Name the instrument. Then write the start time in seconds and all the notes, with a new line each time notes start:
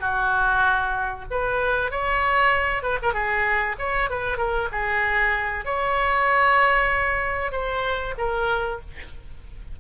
oboe
0.00 F#4
1.30 B4
1.91 C#5
2.83 B4
3.02 A#4
3.13 G#4
3.78 C#5
4.10 B4
4.37 A#4
4.72 G#4
5.65 C#5
7.52 C5
8.18 A#4